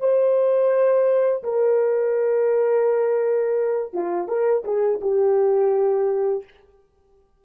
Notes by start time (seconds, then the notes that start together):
0.00 C5
1.44 A#4
3.94 F4
4.28 A#4
4.64 G#4
5.01 G4